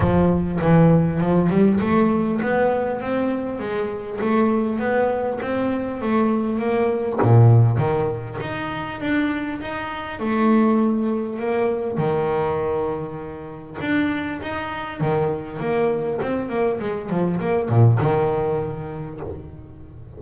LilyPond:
\new Staff \with { instrumentName = "double bass" } { \time 4/4 \tempo 4 = 100 f4 e4 f8 g8 a4 | b4 c'4 gis4 a4 | b4 c'4 a4 ais4 | ais,4 dis4 dis'4 d'4 |
dis'4 a2 ais4 | dis2. d'4 | dis'4 dis4 ais4 c'8 ais8 | gis8 f8 ais8 ais,8 dis2 | }